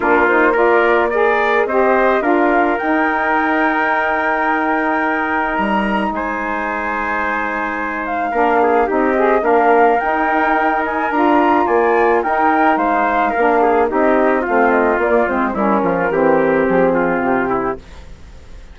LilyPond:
<<
  \new Staff \with { instrumentName = "flute" } { \time 4/4 \tempo 4 = 108 ais'8 c''8 d''4 ais'4 dis''4 | f''4 g''2.~ | g''2 ais''4 gis''4~ | gis''2~ gis''8 f''4. |
dis''4 f''4 g''4. gis''8 | ais''4 gis''4 g''4 f''4~ | f''4 dis''4 f''8 dis''8 d''8 c''8 | ais'2 gis'4 g'4 | }
  \new Staff \with { instrumentName = "trumpet" } { \time 4/4 f'4 ais'4 d''4 c''4 | ais'1~ | ais'2. c''4~ | c''2. ais'8 gis'8 |
g'4 ais'2.~ | ais'4 d''4 ais'4 c''4 | ais'8 gis'8 g'4 f'2 | e'8 f'8 g'4. f'4 e'8 | }
  \new Staff \with { instrumentName = "saxophone" } { \time 4/4 d'8 dis'8 f'4 gis'4 g'4 | f'4 dis'2.~ | dis'1~ | dis'2. d'4 |
dis'8 gis'8 d'4 dis'2 | f'2 dis'2 | d'4 dis'4 c'4 ais8 c'8 | cis'4 c'2. | }
  \new Staff \with { instrumentName = "bassoon" } { \time 4/4 ais2. c'4 | d'4 dis'2.~ | dis'2 g4 gis4~ | gis2. ais4 |
c'4 ais4 dis'2 | d'4 ais4 dis'4 gis4 | ais4 c'4 a4 ais8 gis8 | g8 f8 e4 f4 c4 | }
>>